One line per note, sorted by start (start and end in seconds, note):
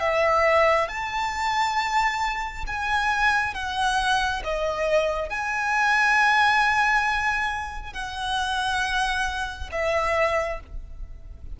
0.00 0.88 E5
0.88 2.64 A5
2.67 3.54 G#5
3.54 4.42 F#5
4.44 5.29 D#5
5.29 7.93 G#5
7.93 9.69 F#5
9.71 10.60 E5